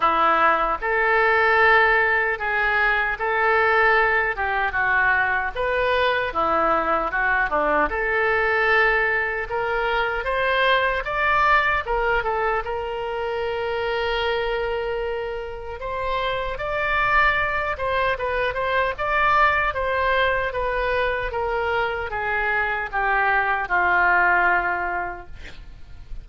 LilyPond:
\new Staff \with { instrumentName = "oboe" } { \time 4/4 \tempo 4 = 76 e'4 a'2 gis'4 | a'4. g'8 fis'4 b'4 | e'4 fis'8 d'8 a'2 | ais'4 c''4 d''4 ais'8 a'8 |
ais'1 | c''4 d''4. c''8 b'8 c''8 | d''4 c''4 b'4 ais'4 | gis'4 g'4 f'2 | }